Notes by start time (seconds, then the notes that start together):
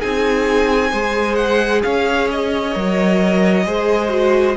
0.00 C4 D#4 G#4 G#5
0.91 G#3 G#4 C5
1.36 F#5
1.83 C#4 C#5 F5
2.31 D#5
2.73 F#3 A#4
3.66 G#3 G#4 C5
4.09 F#4